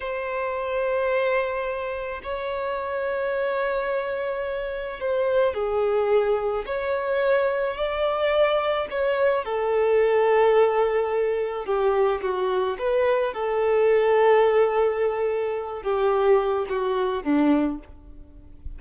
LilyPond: \new Staff \with { instrumentName = "violin" } { \time 4/4 \tempo 4 = 108 c''1 | cis''1~ | cis''4 c''4 gis'2 | cis''2 d''2 |
cis''4 a'2.~ | a'4 g'4 fis'4 b'4 | a'1~ | a'8 g'4. fis'4 d'4 | }